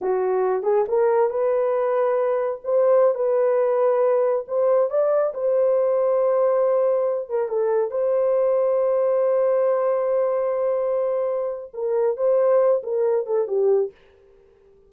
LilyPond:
\new Staff \with { instrumentName = "horn" } { \time 4/4 \tempo 4 = 138 fis'4. gis'8 ais'4 b'4~ | b'2 c''4~ c''16 b'8.~ | b'2~ b'16 c''4 d''8.~ | d''16 c''2.~ c''8.~ |
c''8. ais'8 a'4 c''4.~ c''16~ | c''1~ | c''2. ais'4 | c''4. ais'4 a'8 g'4 | }